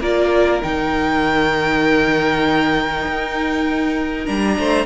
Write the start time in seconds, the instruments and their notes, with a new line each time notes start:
0.00 cello A#3, viola F4, violin A#4 D5
0.62 cello D#3, viola D#4, violin G5
3.07 cello D#4
4.26 cello G3, viola D4, violin A#5
4.58 cello A3, violin C5